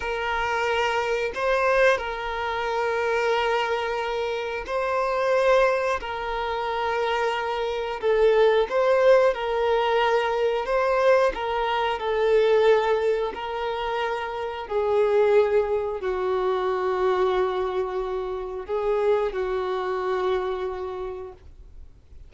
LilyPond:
\new Staff \with { instrumentName = "violin" } { \time 4/4 \tempo 4 = 90 ais'2 c''4 ais'4~ | ais'2. c''4~ | c''4 ais'2. | a'4 c''4 ais'2 |
c''4 ais'4 a'2 | ais'2 gis'2 | fis'1 | gis'4 fis'2. | }